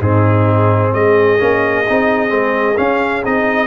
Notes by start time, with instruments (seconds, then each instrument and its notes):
0.00 tuba G#2, trombone C4, horn D#4, trumpet G#4
0.94 tuba G#3, horn G#4, trumpet D#5
1.39 tuba A#3, trombone C#4
1.89 tuba C4, trombone D#4
2.29 tuba G#3, trombone C4
2.77 trombone C#4, tuba C#4, trumpet F5
3.25 tuba C4, trombone D#4, trumpet D#5